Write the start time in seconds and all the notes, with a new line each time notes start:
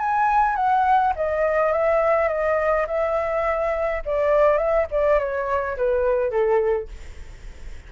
0.00 G#5
0.56 F#5
1.16 D#5
1.73 E5
2.29 D#5
2.88 E5
4.06 D5
4.58 E5
4.91 D5
5.19 C#5
5.77 B4
6.31 A4